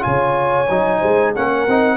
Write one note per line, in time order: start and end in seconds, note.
0.00 0.70 C#3
0.00 0.65 F4
0.00 1.00 C#5
0.00 1.34 G#5
0.70 1.02 F#3
0.70 1.36 D#4
1.00 1.36 G#3
1.00 1.32 C5
1.35 1.68 A#3
1.35 1.68 C#4
1.35 1.97 A#4
1.35 1.97 F#5
1.68 1.97 C4
1.68 1.97 D#4